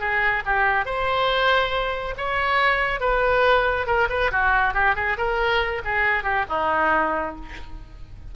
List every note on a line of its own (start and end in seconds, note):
0.00 0.43 G#4
0.46 0.85 G4
0.85 2.15 C5
2.18 3.00 C#5
3.00 3.87 B4
3.87 4.08 A#4
4.10 4.31 B4
4.32 4.74 F#4
4.74 4.95 G4
4.95 5.17 G#4
5.17 5.82 A#4
5.85 6.24 G#4
6.24 6.45 G4
6.49 7.36 D#4